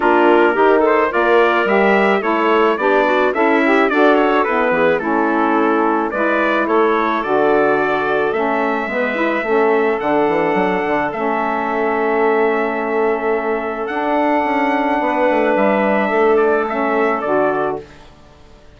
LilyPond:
<<
  \new Staff \with { instrumentName = "trumpet" } { \time 4/4 \tempo 4 = 108 ais'4. c''8 d''4 e''4 | cis''4 d''4 e''4 d''8 cis''8 | b'4 a'2 d''4 | cis''4 d''2 e''4~ |
e''2 fis''2 | e''1~ | e''4 fis''2. | e''4. d''8 e''4 d''4 | }
  \new Staff \with { instrumentName = "clarinet" } { \time 4/4 f'4 g'8 a'8 ais'2 | a'4 g'8 fis'8 e'4 a'4~ | a'8 gis'8 e'2 b'4 | a'1 |
b'4 a'2.~ | a'1~ | a'2. b'4~ | b'4 a'2. | }
  \new Staff \with { instrumentName = "saxophone" } { \time 4/4 d'4 dis'4 f'4 g'4 | e'4 d'4 a'8 g'8 fis'4 | b4 cis'2 e'4~ | e'4 fis'2 cis'4 |
b8 e'8 cis'4 d'2 | cis'1~ | cis'4 d'2.~ | d'2 cis'4 fis'4 | }
  \new Staff \with { instrumentName = "bassoon" } { \time 4/4 ais4 dis4 ais4 g4 | a4 b4 cis'4 d'4 | e'8 e8 a2 gis4 | a4 d2 a4 |
gis4 a4 d8 e8 fis8 d8 | a1~ | a4 d'4 cis'4 b8 a8 | g4 a2 d4 | }
>>